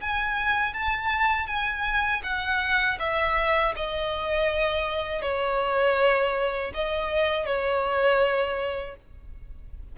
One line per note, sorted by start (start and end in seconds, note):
0.00 0.73 G#5
0.73 1.46 A5
1.46 2.21 G#5
2.23 2.98 F#5
2.99 3.74 E5
3.75 5.22 D#5
5.22 6.72 C#5
6.74 7.46 D#5
7.46 8.96 C#5